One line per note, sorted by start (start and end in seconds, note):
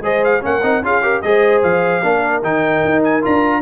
0.00 0.40 G#3
0.00 0.41 G#4
0.00 0.43 C5
0.00 0.24 D#5
0.24 0.44 F5
0.41 0.62 A#3
0.41 0.61 C#4
0.41 0.85 F#5
0.47 0.85 A#4
0.62 0.82 C4
0.62 0.82 D#4
0.82 1.22 C#4
0.82 1.02 F4
0.82 1.02 G#4
0.82 1.21 F5
1.02 1.22 G4
1.02 1.22 A#4
1.21 1.63 G#3
1.21 2.02 G#4
1.21 2.05 C5
1.21 1.61 D#5
1.63 2.03 F3
1.63 2.43 F5
2.02 2.42 A#3
2.02 2.42 D4
2.02 3.61 A#4
2.42 2.82 D#3
2.42 3.21 D#4
2.42 3.03 G5
2.84 3.24 D#4
3.04 3.24 G#5
3.21 3.61 D4
3.21 3.61 F4
3.21 3.61 A#5